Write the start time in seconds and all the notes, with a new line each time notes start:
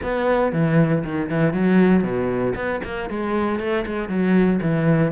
0.02 B3
0.52 E3
1.03 D#3
1.29 E3
1.53 F#3
2.03 B2
2.55 B3
2.84 A#3
3.09 G#3
3.59 A3
3.86 G#3
4.08 F#3
4.61 E3